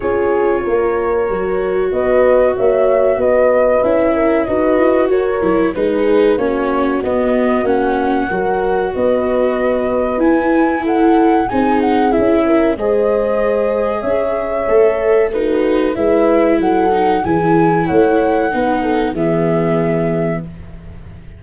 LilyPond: <<
  \new Staff \with { instrumentName = "flute" } { \time 4/4 \tempo 4 = 94 cis''2. dis''4 | e''4 dis''4 e''4 dis''4 | cis''4 b'4 cis''4 dis''4 | fis''2 dis''2 |
gis''4 fis''4 gis''8 fis''8 e''4 | dis''2 e''2 | b'4 e''4 fis''4 gis''4 | fis''2 e''2 | }
  \new Staff \with { instrumentName = "horn" } { \time 4/4 gis'4 ais'2 b'4 | cis''4 b'4. ais'8 b'4 | ais'4 gis'4 fis'2~ | fis'4 ais'4 b'2~ |
b'4 a'4 gis'4. ais'8 | c''2 cis''2 | fis'4 b'4 a'4 gis'4 | cis''4 b'8 a'8 gis'2 | }
  \new Staff \with { instrumentName = "viola" } { \time 4/4 f'2 fis'2~ | fis'2 e'4 fis'4~ | fis'8 e'8 dis'4 cis'4 b4 | cis'4 fis'2. |
e'2 dis'4 e'4 | gis'2. a'4 | dis'4 e'4. dis'8 e'4~ | e'4 dis'4 b2 | }
  \new Staff \with { instrumentName = "tuba" } { \time 4/4 cis'4 ais4 fis4 b4 | ais4 b4 cis'4 dis'8 e'8 | fis'8 fis8 gis4 ais4 b4 | ais4 fis4 b2 |
e'2 c'4 cis'4 | gis2 cis'4 a4~ | a4 gis4 fis4 e4 | a4 b4 e2 | }
>>